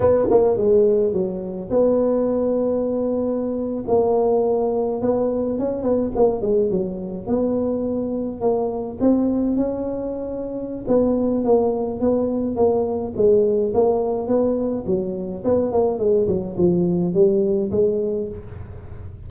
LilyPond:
\new Staff \with { instrumentName = "tuba" } { \time 4/4 \tempo 4 = 105 b8 ais8 gis4 fis4 b4~ | b2~ b8. ais4~ ais16~ | ais8. b4 cis'8 b8 ais8 gis8 fis16~ | fis8. b2 ais4 c'16~ |
c'8. cis'2~ cis'16 b4 | ais4 b4 ais4 gis4 | ais4 b4 fis4 b8 ais8 | gis8 fis8 f4 g4 gis4 | }